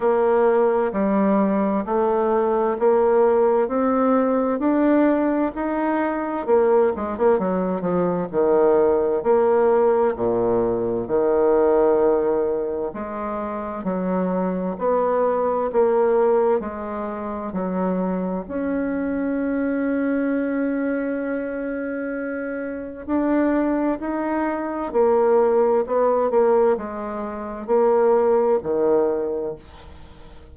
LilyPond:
\new Staff \with { instrumentName = "bassoon" } { \time 4/4 \tempo 4 = 65 ais4 g4 a4 ais4 | c'4 d'4 dis'4 ais8 gis16 ais16 | fis8 f8 dis4 ais4 ais,4 | dis2 gis4 fis4 |
b4 ais4 gis4 fis4 | cis'1~ | cis'4 d'4 dis'4 ais4 | b8 ais8 gis4 ais4 dis4 | }